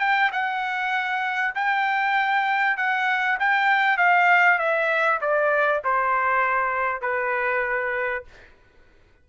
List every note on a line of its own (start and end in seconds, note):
0.00 0.31 G5
0.33 1.55 F#5
1.55 2.77 G5
2.77 3.39 F#5
3.40 3.98 G5
3.98 4.59 F5
4.59 5.20 E5
5.21 5.82 D5
5.84 7.02 C5
7.02 8.24 B4